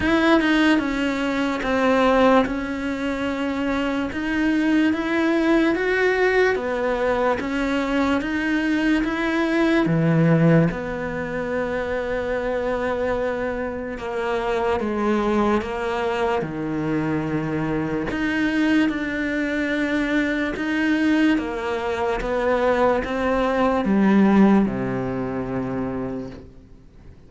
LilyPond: \new Staff \with { instrumentName = "cello" } { \time 4/4 \tempo 4 = 73 e'8 dis'8 cis'4 c'4 cis'4~ | cis'4 dis'4 e'4 fis'4 | b4 cis'4 dis'4 e'4 | e4 b2.~ |
b4 ais4 gis4 ais4 | dis2 dis'4 d'4~ | d'4 dis'4 ais4 b4 | c'4 g4 c2 | }